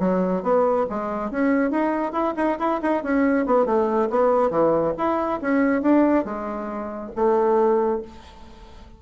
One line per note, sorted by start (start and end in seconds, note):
0.00 0.43 F#3
0.43 0.87 B3
0.90 1.31 G#3
1.31 1.71 C#4
1.71 2.13 D#4
2.13 2.34 E4
2.37 2.58 D#4
2.60 2.81 E4
2.82 3.04 D#4
3.04 3.46 C#4
3.46 3.66 B3
3.66 4.09 A3
4.11 4.51 B3
4.51 4.94 E3
4.98 5.41 E4
5.42 5.82 C#4
5.82 6.26 D4
6.26 7.12 G#3
7.16 8.02 A3